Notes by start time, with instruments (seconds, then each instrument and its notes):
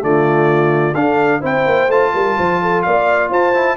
0.00 tuba D3, trombone A3, horn F4, trumpet D5
0.94 tuba D4, trombone D4, horn A4, trumpet F5
1.40 tuba C4, trombone E4, horn C5, trumpet G5
1.65 tuba A#3
1.88 tuba A3, trombone F4, trumpet A5
2.14 tuba G3, horn A#4
2.36 tuba F3, horn C5
2.62 horn A4
2.82 tuba A#3, horn D5, trumpet F5
3.29 tuba F4, horn C5, trumpet A5
3.53 trombone E4